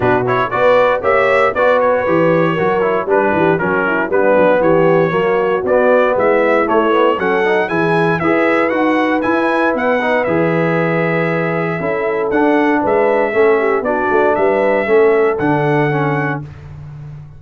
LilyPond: <<
  \new Staff \with { instrumentName = "trumpet" } { \time 4/4 \tempo 4 = 117 b'8 cis''8 d''4 e''4 d''8 cis''8~ | cis''2 b'4 ais'4 | b'4 cis''2 d''4 | e''4 cis''4 fis''4 gis''4 |
e''4 fis''4 gis''4 fis''4 | e''1 | fis''4 e''2 d''4 | e''2 fis''2 | }
  \new Staff \with { instrumentName = "horn" } { \time 4/4 fis'4 b'4 cis''4 b'4~ | b'4 ais'4 b'8 g'8 fis'8 e'8 | d'4 g'4 fis'2 | e'2 a'4 gis'4 |
b'1~ | b'2. a'4~ | a'4 b'4 a'8 g'8 fis'4 | b'4 a'2. | }
  \new Staff \with { instrumentName = "trombone" } { \time 4/4 d'8 e'8 fis'4 g'4 fis'4 | g'4 fis'8 e'8 d'4 cis'4 | b2 ais4 b4~ | b4 a8 b8 cis'8 dis'8 e'4 |
gis'4 fis'4 e'4. dis'8 | gis'2. e'4 | d'2 cis'4 d'4~ | d'4 cis'4 d'4 cis'4 | }
  \new Staff \with { instrumentName = "tuba" } { \time 4/4 b,4 b4 ais4 b4 | e4 fis4 g8 e8 fis4 | g8 fis8 e4 fis4 b4 | gis4 a4 fis4 e4 |
e'4 dis'4 e'4 b4 | e2. cis'4 | d'4 gis4 a4 b8 a8 | g4 a4 d2 | }
>>